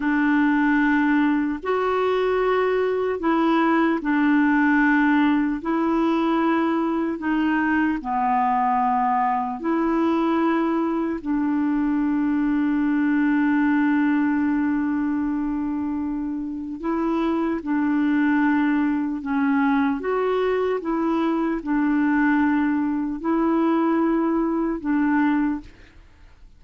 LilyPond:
\new Staff \with { instrumentName = "clarinet" } { \time 4/4 \tempo 4 = 75 d'2 fis'2 | e'4 d'2 e'4~ | e'4 dis'4 b2 | e'2 d'2~ |
d'1~ | d'4 e'4 d'2 | cis'4 fis'4 e'4 d'4~ | d'4 e'2 d'4 | }